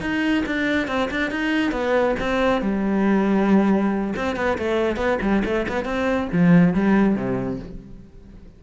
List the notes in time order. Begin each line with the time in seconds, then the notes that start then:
0.00 D#4
0.46 D4
0.87 C4
1.10 D4
1.30 D#4
1.71 B3
2.19 C4
2.61 G3
4.15 C4
4.36 B3
4.58 A3
4.96 B3
5.21 G3
5.44 A3
5.68 B3
5.84 C4
6.32 F3
6.74 G3
7.15 C3